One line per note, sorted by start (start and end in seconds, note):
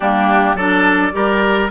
0.00 0.54 G3
0.00 0.58 A#3
0.00 0.55 D4
0.00 0.56 G4
0.54 1.11 F#3
0.54 1.12 D4
0.54 1.12 A4
0.54 1.69 D5
1.12 1.70 G3
1.12 1.69 G4
1.12 1.70 A#4